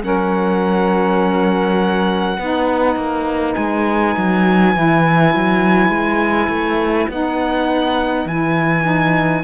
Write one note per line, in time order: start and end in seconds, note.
0.00 2.38 F#3
0.00 2.35 C#4
0.00 2.39 A#4
0.00 3.54 F#5
2.38 2.96 B3
2.38 4.75 D#4
2.38 9.43 B4
2.96 3.55 A#3
3.54 4.16 G#3
3.54 7.07 G#5
4.17 4.76 F#3
4.75 5.35 E3
4.75 7.10 E4
5.35 5.89 F#3
5.89 6.48 G#3
6.49 7.07 A3
7.09 8.25 B3
7.09 8.28 D#4
7.09 8.28 F#5
8.25 9.43 E3
8.25 8.83 E4
8.25 9.43 G#5
8.83 9.42 D#4